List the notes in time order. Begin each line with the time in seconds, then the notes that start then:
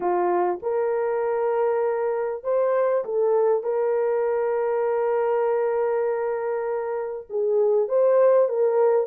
0.00 F4
0.62 A#4
2.43 C5
3.04 A4
3.63 A#4
7.29 G#4
7.88 C5
8.48 A#4